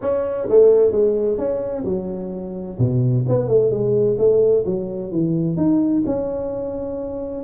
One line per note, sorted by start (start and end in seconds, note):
0.01 0.48 C#4
0.49 0.91 A3
0.91 1.37 G#3
1.37 1.84 C#4
1.85 2.78 F#3
2.78 3.24 B2
3.28 3.48 B3
3.48 3.70 A3
3.70 4.17 G#3
4.18 4.64 A3
4.65 5.11 F#3
5.11 5.56 E3
5.56 6.03 D#4
6.05 7.44 C#4